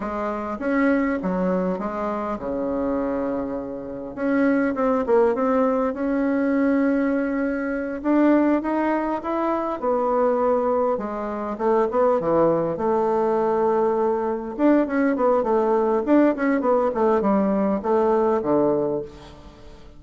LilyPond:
\new Staff \with { instrumentName = "bassoon" } { \time 4/4 \tempo 4 = 101 gis4 cis'4 fis4 gis4 | cis2. cis'4 | c'8 ais8 c'4 cis'2~ | cis'4. d'4 dis'4 e'8~ |
e'8 b2 gis4 a8 | b8 e4 a2~ a8~ | a8 d'8 cis'8 b8 a4 d'8 cis'8 | b8 a8 g4 a4 d4 | }